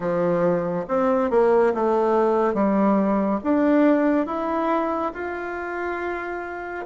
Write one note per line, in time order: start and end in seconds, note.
0.00 0.86 F3
0.88 1.30 C4
1.30 1.73 A#3
1.74 2.54 A3
2.54 3.39 G3
3.43 4.26 D4
4.26 5.12 E4
5.14 6.85 F4